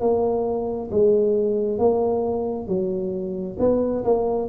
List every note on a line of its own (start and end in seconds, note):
0.00 0.90 A#3
0.90 1.78 G#3
1.78 2.67 A#3
2.67 3.57 F#3
3.59 4.04 B3
4.04 4.48 A#3